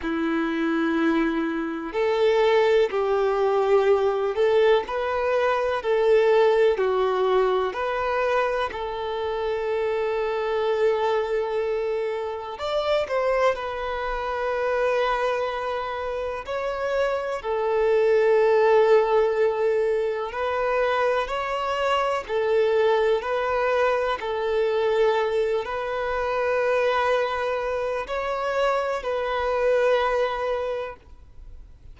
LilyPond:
\new Staff \with { instrumentName = "violin" } { \time 4/4 \tempo 4 = 62 e'2 a'4 g'4~ | g'8 a'8 b'4 a'4 fis'4 | b'4 a'2.~ | a'4 d''8 c''8 b'2~ |
b'4 cis''4 a'2~ | a'4 b'4 cis''4 a'4 | b'4 a'4. b'4.~ | b'4 cis''4 b'2 | }